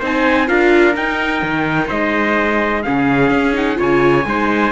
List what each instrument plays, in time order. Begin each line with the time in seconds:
0.00 cello C4, viola D#4, trumpet C5 G#5
0.47 cello D4, viola F4, trumpet A#4 F5
0.95 viola D#4, cello D#4, trumpet G5
1.43 cello D#3
1.88 cello G#3, trumpet C5 D#5
2.83 cello C#3, viola C#4, trumpet G#4 F5
3.30 cello C#4
3.54 viola D#4, trumpet F#5
3.76 cello C#3, viola F4, trumpet C#5 G#5
4.26 cello G#3, viola D#4, trumpet C5